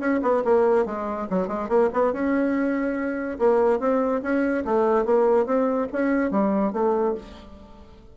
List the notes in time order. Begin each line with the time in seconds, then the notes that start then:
0.00 C#4
0.23 B3
0.45 A#3
0.86 G#3
1.30 F#3
1.48 G#3
1.69 A#3
1.94 B3
2.13 C#4
3.39 A#3
3.80 C4
4.23 C#4
4.65 A3
5.06 A#3
5.46 C4
5.93 C#4
6.31 G3
6.73 A3